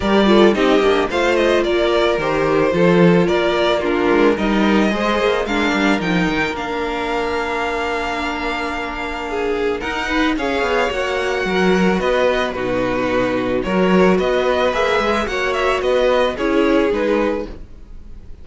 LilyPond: <<
  \new Staff \with { instrumentName = "violin" } { \time 4/4 \tempo 4 = 110 d''4 dis''4 f''8 dis''8 d''4 | c''2 d''4 ais'4 | dis''2 f''4 g''4 | f''1~ |
f''2 fis''4 f''4 | fis''2 dis''4 b'4~ | b'4 cis''4 dis''4 e''4 | fis''8 e''8 dis''4 cis''4 b'4 | }
  \new Staff \with { instrumentName = "violin" } { \time 4/4 ais'8 a'8 g'4 c''4 ais'4~ | ais'4 a'4 ais'4 f'4 | ais'4 c''4 ais'2~ | ais'1~ |
ais'4 gis'4 ais'8 b'8 cis''4~ | cis''4 ais'4 b'4 fis'4~ | fis'4 ais'4 b'2 | cis''4 b'4 gis'2 | }
  \new Staff \with { instrumentName = "viola" } { \time 4/4 g'8 f'8 dis'8 d'8 f'2 | g'4 f'2 d'4 | dis'4 gis'4 d'4 dis'4 | d'1~ |
d'2 dis'4 gis'4 | fis'2. dis'4~ | dis'4 fis'2 gis'4 | fis'2 e'4 dis'4 | }
  \new Staff \with { instrumentName = "cello" } { \time 4/4 g4 c'8 ais8 a4 ais4 | dis4 f4 ais4. gis8 | g4 gis8 ais8 gis8 g8 f8 dis8 | ais1~ |
ais2 dis'4 cis'8 b8 | ais4 fis4 b4 b,4~ | b,4 fis4 b4 ais8 gis8 | ais4 b4 cis'4 gis4 | }
>>